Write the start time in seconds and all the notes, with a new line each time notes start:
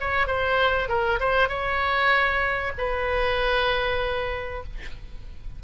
0.00 C#5
0.27 C5
0.88 A#4
1.19 C5
1.48 C#5
2.78 B4